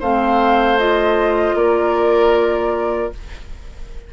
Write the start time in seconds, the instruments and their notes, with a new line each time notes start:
0.00 bassoon A3, clarinet C4, oboe C5, flute F5
0.79 clarinet F4, flute D#5
1.55 bassoon A#3, oboe A#4, flute D5